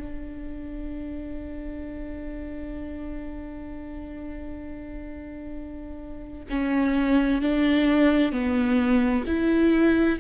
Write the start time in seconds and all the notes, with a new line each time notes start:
0.00 D4
6.50 C#4
7.42 D4
8.32 B3
9.27 E4